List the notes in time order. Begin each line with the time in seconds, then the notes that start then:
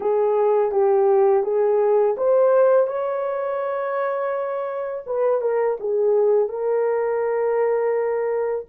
0.00 G#4
0.71 G4
1.43 G#4
2.17 C5
2.87 C#5
5.06 B4
5.41 A#4
5.80 G#4
6.49 A#4